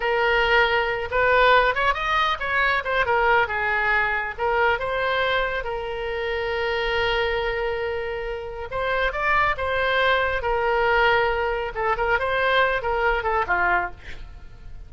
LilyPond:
\new Staff \with { instrumentName = "oboe" } { \time 4/4 \tempo 4 = 138 ais'2~ ais'8 b'4. | cis''8 dis''4 cis''4 c''8 ais'4 | gis'2 ais'4 c''4~ | c''4 ais'2.~ |
ais'1 | c''4 d''4 c''2 | ais'2. a'8 ais'8 | c''4. ais'4 a'8 f'4 | }